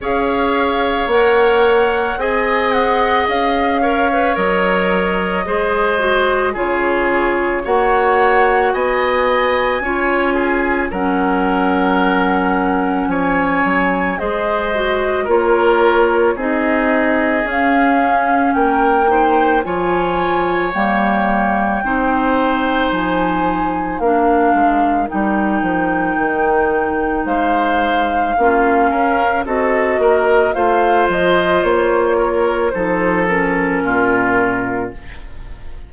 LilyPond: <<
  \new Staff \with { instrumentName = "flute" } { \time 4/4 \tempo 4 = 55 f''4 fis''4 gis''8 fis''8 f''4 | dis''2 cis''4 fis''4 | gis''2 fis''2 | gis''4 dis''4 cis''4 dis''4 |
f''4 g''4 gis''4 g''4~ | g''4 gis''4 f''4 g''4~ | g''4 f''2 dis''4 | f''8 dis''8 cis''4 c''8 ais'4. | }
  \new Staff \with { instrumentName = "oboe" } { \time 4/4 cis''2 dis''4. cis''8~ | cis''4 c''4 gis'4 cis''4 | dis''4 cis''8 gis'8 ais'2 | cis''4 c''4 ais'4 gis'4~ |
gis'4 ais'8 c''8 cis''2 | c''2 ais'2~ | ais'4 c''4 f'8 ais'8 a'8 ais'8 | c''4. ais'8 a'4 f'4 | }
  \new Staff \with { instrumentName = "clarinet" } { \time 4/4 gis'4 ais'4 gis'4. ais'16 b'16 | ais'4 gis'8 fis'8 f'4 fis'4~ | fis'4 f'4 cis'2~ | cis'4 gis'8 fis'8 f'4 dis'4 |
cis'4. dis'8 f'4 ais4 | dis'2 d'4 dis'4~ | dis'2 cis'4 fis'4 | f'2 dis'8 cis'4. | }
  \new Staff \with { instrumentName = "bassoon" } { \time 4/4 cis'4 ais4 c'4 cis'4 | fis4 gis4 cis4 ais4 | b4 cis'4 fis2 | f8 fis8 gis4 ais4 c'4 |
cis'4 ais4 f4 g4 | c'4 f4 ais8 gis8 g8 f8 | dis4 gis4 ais8 cis'8 c'8 ais8 | a8 f8 ais4 f4 ais,4 | }
>>